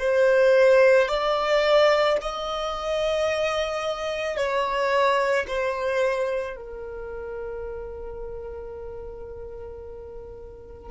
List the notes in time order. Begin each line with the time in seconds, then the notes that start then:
0.00 C5
1.09 D5
2.22 D#5
4.37 C#5
5.47 C5
6.57 A#4